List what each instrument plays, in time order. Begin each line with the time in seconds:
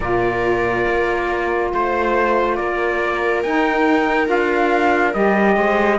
0.00 cello A#2, saxophone F4, viola A#4, trumpet D5
0.87 cello A#3
1.72 cello A3, trumpet C5, viola C5
2.55 cello A#3, viola A#4, trumpet D5
3.42 cello D#4, saxophone D#4, trumpet G5
4.26 cello D4, saxophone F4, trumpet F5
5.13 cello G3, saxophone G4, trumpet D#5
5.56 cello G#3, viola C5